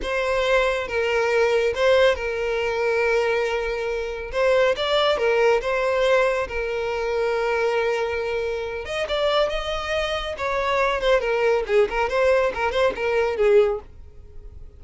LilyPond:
\new Staff \with { instrumentName = "violin" } { \time 4/4 \tempo 4 = 139 c''2 ais'2 | c''4 ais'2.~ | ais'2 c''4 d''4 | ais'4 c''2 ais'4~ |
ais'1~ | ais'8 dis''8 d''4 dis''2 | cis''4. c''8 ais'4 gis'8 ais'8 | c''4 ais'8 c''8 ais'4 gis'4 | }